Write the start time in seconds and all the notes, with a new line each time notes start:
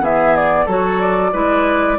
0.00 E3 B3 G#4 E5
0.36 D5
0.66 F#3 F#4 A4 C#5
1.01 D5
1.33 G#3 E4 B4